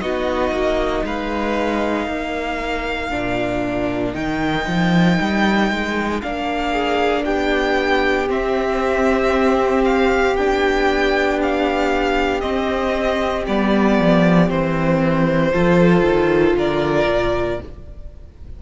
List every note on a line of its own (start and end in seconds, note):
0.00 0.51 B3
0.00 3.11 D#4
0.00 1.04 F#4
0.00 1.03 D#5
0.51 1.03 A#3
1.04 2.07 G#3
1.04 2.07 B4
1.04 4.14 F5
2.07 3.10 A#3
2.07 6.71 A#4
3.11 4.14 A#2
3.11 4.14 D4
4.14 4.66 D#3
4.14 6.21 D#4
4.14 6.21 G5
4.67 5.19 F3
5.21 5.70 G3
5.70 6.22 G#3
6.22 7.26 A#3
6.22 8.28 D4
6.22 7.25 F5
6.71 7.23 G#4
7.25 8.29 B3
7.25 15.53 G4
7.25 8.28 G5
8.28 10.35 C4
8.28 9.84 E5
9.84 10.36 F5
10.35 12.42 B3
10.35 12.41 D4
10.35 11.39 G5
11.42 12.41 F5
12.41 13.45 C4
12.41 13.47 C4
12.41 13.44 D#5
13.47 13.99 G3
13.47 14.49 B3
13.47 14.50 D5
13.99 14.50 F3
14.49 15.53 E3
14.49 15.52 C4
14.49 16.56 C5
15.52 16.02 F3
15.52 17.59 F4
15.52 16.56 A4
16.02 16.54 D#3
16.55 17.07 D3
16.55 17.60 A#4
16.55 17.62 D5
17.08 17.59 A#2